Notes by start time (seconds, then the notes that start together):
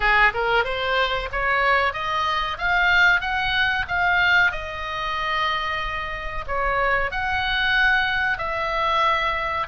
0.00 G#4
0.34 A#4
0.64 C5
1.31 C#5
1.93 D#5
2.58 F5
3.21 F#5
3.88 F5
4.51 D#5
6.47 C#5
7.11 F#5
8.38 E5